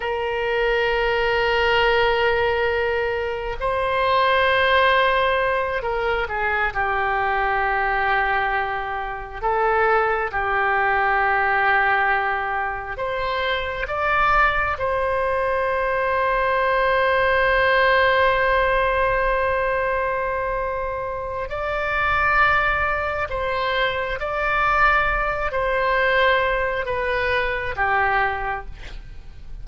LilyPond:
\new Staff \with { instrumentName = "oboe" } { \time 4/4 \tempo 4 = 67 ais'1 | c''2~ c''8 ais'8 gis'8 g'8~ | g'2~ g'8 a'4 g'8~ | g'2~ g'8 c''4 d''8~ |
d''8 c''2.~ c''8~ | c''1 | d''2 c''4 d''4~ | d''8 c''4. b'4 g'4 | }